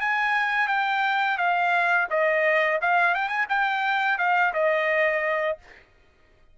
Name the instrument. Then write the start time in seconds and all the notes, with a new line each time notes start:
trumpet
0.00 G#5
0.68 G5
1.37 F5
2.10 D#5
2.81 F5
3.14 G5
3.28 G#5
3.49 G5
4.18 F5
4.53 D#5